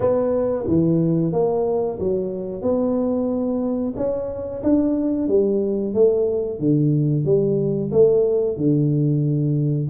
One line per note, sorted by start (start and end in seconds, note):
0.00 0.65 B3
0.67 1.32 E3
1.32 1.98 A#3
1.99 2.62 F#3
2.62 3.94 B3
3.96 4.62 C#4
4.63 5.27 D4
5.27 5.93 G3
5.93 6.59 A3
6.59 7.25 D3
7.25 7.91 G3
7.91 8.56 A3
8.56 9.88 D3